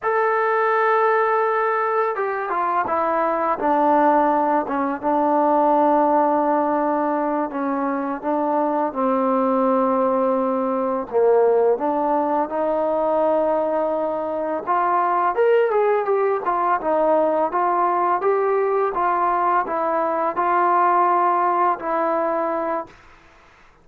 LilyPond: \new Staff \with { instrumentName = "trombone" } { \time 4/4 \tempo 4 = 84 a'2. g'8 f'8 | e'4 d'4. cis'8 d'4~ | d'2~ d'8 cis'4 d'8~ | d'8 c'2. ais8~ |
ais8 d'4 dis'2~ dis'8~ | dis'8 f'4 ais'8 gis'8 g'8 f'8 dis'8~ | dis'8 f'4 g'4 f'4 e'8~ | e'8 f'2 e'4. | }